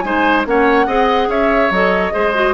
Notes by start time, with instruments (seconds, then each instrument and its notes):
0.00 bassoon G#3, clarinet D#4, oboe C5, flute G#5
0.46 bassoon A#3, clarinet C#4, oboe C#5, flute F#5
0.87 bassoon C4, clarinet G#4, oboe D#5
1.28 bassoon C#4, oboe C#5, flute E5
1.70 bassoon F#3, clarinet A4, flute D#5
2.12 bassoon G#3, clarinet G#4, oboe C5
2.34 clarinet F#4